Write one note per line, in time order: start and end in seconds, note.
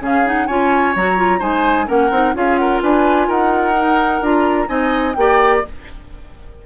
0.00 0.47 C#3
0.00 0.23 C#4
0.00 0.47 G#4
0.00 0.27 F5
0.25 0.48 D#4
0.25 0.47 F#5
0.47 0.95 C#4
0.47 0.95 F4
0.47 1.39 C#5
0.47 0.94 G#5
0.95 1.41 F#3
0.95 1.16 F#4
0.95 1.41 A#5
1.16 1.39 F4
1.39 1.88 G#3
1.39 1.86 D#4
1.39 1.86 C5
1.39 1.88 G#5
1.86 2.10 A#3
1.86 2.10 C#4
1.86 2.34 A#4
1.86 2.35 F#5
2.10 2.34 C4
2.10 2.34 D#4
2.34 2.81 C#4
2.34 3.75 F4
2.34 2.60 G#4
2.34 2.56 F5
2.56 2.82 A#4
2.56 2.80 F#5
2.81 3.28 D4
2.81 3.28 B4
2.81 3.30 G#5
3.28 4.21 D#4
3.28 4.68 A#4
3.28 4.23 F#5
3.76 4.22 D#4
4.21 4.68 D4
4.21 4.66 F4
4.21 4.68 A#5
4.66 5.15 C4
4.66 5.13 D#4
4.66 5.15 D#5
4.66 5.14 G#5
5.14 5.63 A#3
5.14 5.65 G4
5.14 5.66 D5
5.14 5.61 G5